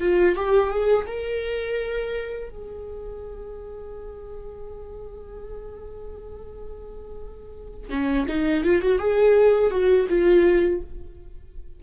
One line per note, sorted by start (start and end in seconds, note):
0.00 0.35 F4
0.35 0.69 G4
0.69 1.05 G#4
1.06 2.49 A#4
2.49 7.90 G#4
7.90 8.26 C#4
8.28 8.64 D#4
8.64 8.82 F4
8.82 8.99 F#4
8.99 9.70 G#4
9.70 10.06 F#4
10.08 10.81 F4